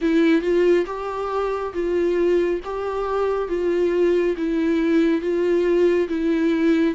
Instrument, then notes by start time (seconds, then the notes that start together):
viola
0.01 E4
0.42 F4
0.86 G4
1.73 F4
2.64 G4
3.48 F4
4.37 E4
5.21 F4
6.08 E4